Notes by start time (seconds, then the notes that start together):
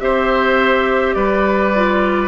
0.00 C4 G4 C5 E5
1.14 G3 B4 D5
1.76 F4